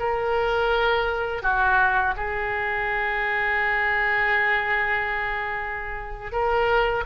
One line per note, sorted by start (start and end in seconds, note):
0.00 1.43 A#4
1.43 2.15 F#4
2.17 6.32 G#4
6.32 7.04 A#4